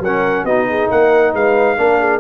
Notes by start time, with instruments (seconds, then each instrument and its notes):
0.00 tuba F#3, horn A#4, trumpet F#5
0.06 trombone C#4
0.44 tuba B3, trombone D#4, horn F#4, trumpet D#5
0.69 horn G#4
0.91 tuba A#3, horn A#4, trumpet F#5
1.34 tuba G#3, horn B4, trumpet F5
1.78 tuba A#3, trombone D4, horn A#4
2.00 horn G#4